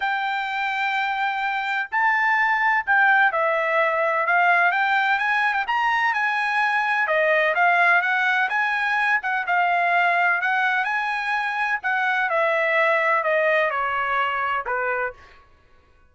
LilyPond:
\new Staff \with { instrumentName = "trumpet" } { \time 4/4 \tempo 4 = 127 g''1 | a''2 g''4 e''4~ | e''4 f''4 g''4 gis''8. g''16 | ais''4 gis''2 dis''4 |
f''4 fis''4 gis''4. fis''8 | f''2 fis''4 gis''4~ | gis''4 fis''4 e''2 | dis''4 cis''2 b'4 | }